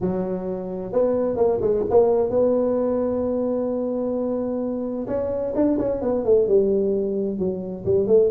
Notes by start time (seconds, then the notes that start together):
0.00 F#3
0.92 B3
1.36 A#3
1.61 G#3
1.89 A#3
2.30 B3
5.07 C#4
5.55 D4
5.79 C#4
6.01 B3
6.24 A3
6.47 G3
7.38 F#3
7.85 G3
8.07 A3